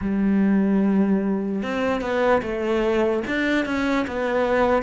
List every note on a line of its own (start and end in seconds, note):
0.01 1.62 G3
1.62 2.00 C4
2.00 2.41 B3
2.42 3.23 A3
3.27 3.65 D4
3.65 4.05 C#4
4.07 4.82 B3